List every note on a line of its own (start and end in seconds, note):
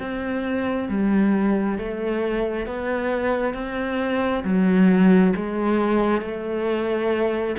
0.00 0.89 C4
0.89 1.79 G3
1.79 2.67 A3
2.67 3.54 B3
3.54 4.44 C4
4.44 5.34 F#3
5.36 6.22 G#3
6.22 7.56 A3